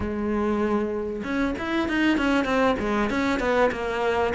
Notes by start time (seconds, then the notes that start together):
0.00 G#3
1.23 C#4
1.58 E4
1.88 D#4
2.17 C#4
2.44 C4
2.79 G#3
3.10 C#4
3.39 B3
3.71 A#3